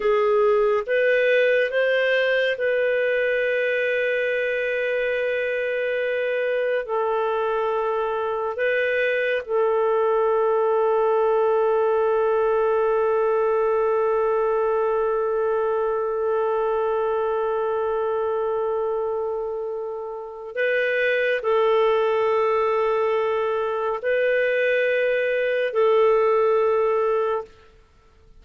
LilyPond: \new Staff \with { instrumentName = "clarinet" } { \time 4/4 \tempo 4 = 70 gis'4 b'4 c''4 b'4~ | b'1 | a'2 b'4 a'4~ | a'1~ |
a'1~ | a'1 | b'4 a'2. | b'2 a'2 | }